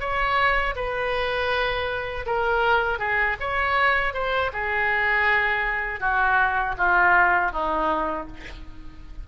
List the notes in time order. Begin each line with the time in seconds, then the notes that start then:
0.00 C#5
0.76 B4
2.26 A#4
2.99 G#4
3.40 C#5
4.14 C5
4.53 G#4
6.00 F#4
6.77 F4
7.52 D#4